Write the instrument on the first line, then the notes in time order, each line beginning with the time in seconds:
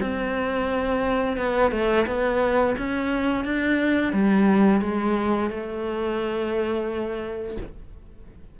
cello
0.00 C4
1.37 B3
1.71 A3
2.07 B3
2.78 C#4
3.45 D4
4.13 G3
4.81 G#3
5.50 A3